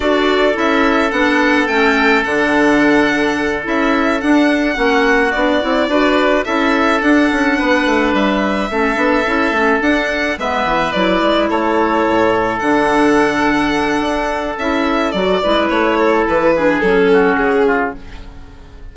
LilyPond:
<<
  \new Staff \with { instrumentName = "violin" } { \time 4/4 \tempo 4 = 107 d''4 e''4 fis''4 g''4 | fis''2~ fis''8 e''4 fis''8~ | fis''4. d''2 e''8~ | e''8 fis''2 e''4.~ |
e''4. fis''4 e''4 d''8~ | d''8 cis''2 fis''4.~ | fis''2 e''4 d''4 | cis''4 b'4 a'4 gis'4 | }
  \new Staff \with { instrumentName = "oboe" } { \time 4/4 a'1~ | a'1~ | a'8 fis'2 b'4 a'8~ | a'4. b'2 a'8~ |
a'2~ a'8 b'4.~ | b'8 a'2.~ a'8~ | a'2.~ a'8 b'8~ | b'8 a'4 gis'4 fis'4 f'8 | }
  \new Staff \with { instrumentName = "clarinet" } { \time 4/4 fis'4 e'4 d'4 cis'4 | d'2~ d'8 e'4 d'8~ | d'8 cis'4 d'8 e'8 fis'4 e'8~ | e'8 d'2. cis'8 |
d'8 e'8 cis'8 d'4 b4 e'8~ | e'2~ e'8 d'4.~ | d'2 e'4 fis'8 e'8~ | e'4. d'8 cis'2 | }
  \new Staff \with { instrumentName = "bassoon" } { \time 4/4 d'4 cis'4 b4 a4 | d2~ d8 cis'4 d'8~ | d'8 ais4 b8 c'8 d'4 cis'8~ | cis'8 d'8 cis'8 b8 a8 g4 a8 |
b8 cis'8 a8 d'4 gis8 e8 fis8 | gis8 a4 a,4 d4.~ | d4 d'4 cis'4 fis8 gis8 | a4 e4 fis4 cis4 | }
>>